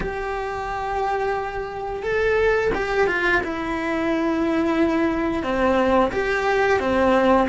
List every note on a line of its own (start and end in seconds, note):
0.00 2.02 G4
2.02 2.71 A4
2.74 3.07 G4
3.07 3.41 F4
3.43 5.43 E4
5.43 6.11 C4
6.12 6.79 G4
6.79 7.47 C4